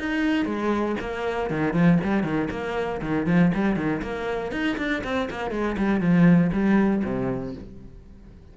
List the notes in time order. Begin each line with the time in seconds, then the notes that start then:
0.00 D#4
0.46 G#3
1.01 A#3
1.51 D#3
1.74 F3
2.04 G3
2.24 D#3
2.51 A#3
3.02 D#3
3.27 F3
3.55 G3
3.77 D#3
4.03 A#3
4.52 D#4
4.78 D4
5.04 C4
5.31 A#3
5.52 G#3
5.78 G3
6.01 F3
6.53 G3
7.05 C3